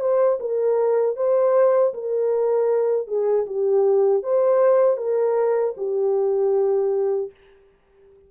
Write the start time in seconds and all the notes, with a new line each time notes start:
0.00 C5
0.40 A#4
1.16 C5
1.94 A#4
3.07 G#4
3.46 G4
4.23 C5
4.97 A#4
5.77 G4